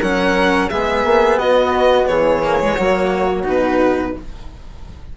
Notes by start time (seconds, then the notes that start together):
0.00 F#3 C#4 A#4 F#5
0.70 G#3 B3 G#4 E5
1.04 A#3
1.38 B3 F#4 D#5
2.07 E3 G#4 C#5
2.43 A#3
2.60 G#3
2.75 F#3 A#3 F#4
3.44 B2 D#4 B4